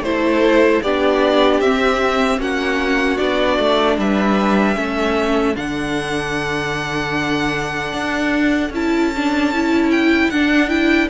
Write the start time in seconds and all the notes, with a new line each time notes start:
0.00 A3 E4 A4 C5
0.82 B3 D4 G4 D5
1.60 C4 E5
2.37 A#3 C#4 F#4 F#5
3.17 B3 D4 D5
3.58 A3
3.98 G3 B4 E5
4.75 A3 C#4 A4
5.55 D3 D4 F#5
7.93 D4
8.70 C#4 E4 A5
9.16 D4
9.53 E4
9.91 G5
10.30 D4 F#5
10.68 E4 G5